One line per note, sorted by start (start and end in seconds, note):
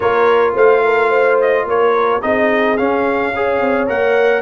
0.00 0.55 A#3
0.00 2.21 F4
0.00 0.54 A#4
0.00 0.55 C#5
0.54 1.65 A3
0.54 0.82 C5
0.54 1.40 F5
0.84 1.08 A#4
1.08 1.64 C5
1.40 1.68 D#5
1.65 2.21 A#3
1.65 2.23 A#4
1.65 2.21 C#5
2.21 2.78 C4
2.21 2.77 D#4
2.21 3.34 G#4
2.21 2.77 D#5
2.77 3.33 C#4
2.77 3.61 C#4
2.77 3.88 F5
3.35 3.87 G#4
3.35 4.42 C#5
3.61 3.88 C4
3.87 4.42 A#3
3.87 4.42 A#4
3.87 4.42 F#5